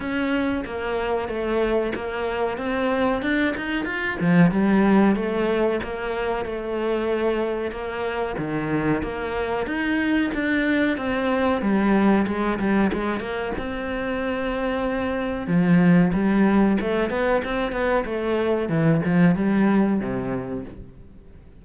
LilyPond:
\new Staff \with { instrumentName = "cello" } { \time 4/4 \tempo 4 = 93 cis'4 ais4 a4 ais4 | c'4 d'8 dis'8 f'8 f8 g4 | a4 ais4 a2 | ais4 dis4 ais4 dis'4 |
d'4 c'4 g4 gis8 g8 | gis8 ais8 c'2. | f4 g4 a8 b8 c'8 b8 | a4 e8 f8 g4 c4 | }